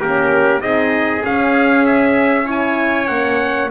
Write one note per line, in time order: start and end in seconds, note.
0.00 0.61 A#3
0.00 0.61 C#4
0.00 0.62 G4
0.00 0.61 A#4
0.61 1.23 C4
0.61 1.23 D#4
0.61 2.46 G#4
0.61 1.23 D#5
1.25 2.45 C#4
1.25 3.09 C#4
1.25 1.86 F5
1.86 2.48 E5
2.45 3.07 E4
2.45 3.69 C#5
2.45 3.08 G#5
3.08 3.71 A#3
3.08 3.71 C#4
3.08 3.70 F#5